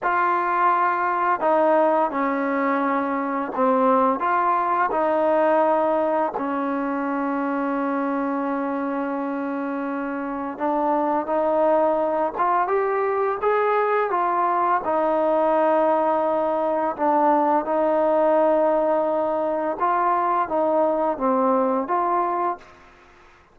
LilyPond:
\new Staff \with { instrumentName = "trombone" } { \time 4/4 \tempo 4 = 85 f'2 dis'4 cis'4~ | cis'4 c'4 f'4 dis'4~ | dis'4 cis'2.~ | cis'2. d'4 |
dis'4. f'8 g'4 gis'4 | f'4 dis'2. | d'4 dis'2. | f'4 dis'4 c'4 f'4 | }